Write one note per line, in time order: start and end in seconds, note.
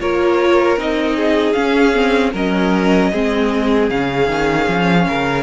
0.00 0.77 A#3
0.00 0.78 F4
0.00 1.16 A#4
0.00 0.78 C#5
0.77 1.55 C4
0.77 1.54 D#4
0.77 1.53 D#5
1.16 2.33 G#4
1.53 1.93 C#4
1.53 2.33 C#4
1.53 2.31 F5
1.94 2.33 C4
2.33 3.11 F#3
2.33 3.13 C#4
2.33 3.11 A#4
2.33 3.90 D#5
3.12 3.90 G#3
3.12 3.91 C4
3.12 5.06 G#4
3.90 4.27 C#3
3.90 5.43 C#4
3.90 5.43 F5
4.27 4.66 D#3
4.68 5.07 F3
5.08 5.43 C#3
5.08 5.43 A#4